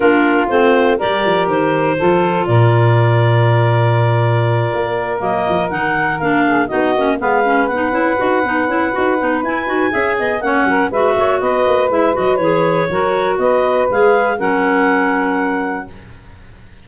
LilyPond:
<<
  \new Staff \with { instrumentName = "clarinet" } { \time 4/4 \tempo 4 = 121 ais'4 c''4 d''4 c''4~ | c''4 d''2.~ | d''2~ d''8 dis''4 fis''8~ | fis''8 f''4 dis''4 f''4 fis''8~ |
fis''2. gis''4~ | gis''4 fis''4 e''4 dis''4 | e''8 dis''8 cis''2 dis''4 | f''4 fis''2. | }
  \new Staff \with { instrumentName = "saxophone" } { \time 4/4 f'2 ais'2 | a'4 ais'2.~ | ais'1~ | ais'4 gis'8 fis'4 b'4.~ |
b'1 | e''8 dis''8 cis''8 ais'8 b'8 cis''8 b'4~ | b'2 ais'4 b'4~ | b'4 ais'2. | }
  \new Staff \with { instrumentName = "clarinet" } { \time 4/4 d'4 c'4 g'2 | f'1~ | f'2~ f'8 ais4 dis'8~ | dis'8 d'4 dis'8 cis'8 b8 cis'8 dis'8 |
e'8 fis'8 dis'8 e'8 fis'8 dis'8 e'8 fis'8 | gis'4 cis'4 fis'2 | e'8 fis'8 gis'4 fis'2 | gis'4 cis'2. | }
  \new Staff \with { instrumentName = "tuba" } { \time 4/4 ais4 a4 g8 f8 dis4 | f4 ais,2.~ | ais,4. ais4 fis8 f8 dis8~ | dis8 ais4 b8 ais8 gis4 b8 |
cis'8 dis'8 b8 cis'8 dis'8 b8 e'8 dis'8 | cis'8 b8 ais8 fis8 gis8 ais8 b8 ais8 | gis8 fis8 e4 fis4 b4 | gis4 fis2. | }
>>